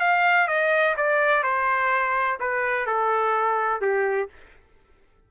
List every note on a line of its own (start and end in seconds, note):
0.00 0.48 F5
0.48 0.95 D#5
0.97 1.43 D5
1.43 2.39 C5
2.40 2.86 B4
2.86 3.81 A4
3.81 4.29 G4